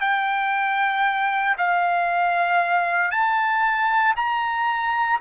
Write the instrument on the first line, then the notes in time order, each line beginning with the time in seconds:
trumpet
0.00 G5
1.58 F5
3.10 A5
4.16 A#5